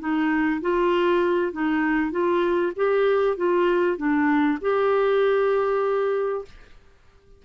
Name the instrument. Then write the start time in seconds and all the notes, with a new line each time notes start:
clarinet
0.00 D#4
0.62 F4
1.53 D#4
2.12 F4
2.77 G4
3.37 F4
3.97 D4
4.62 G4